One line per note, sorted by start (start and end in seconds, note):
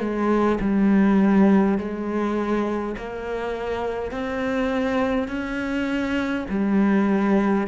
0.00 0.59 G#3
0.60 1.78 G3
1.78 2.95 G#3
2.97 4.11 A#3
4.11 5.28 C4
5.28 6.45 C#4
6.49 7.67 G3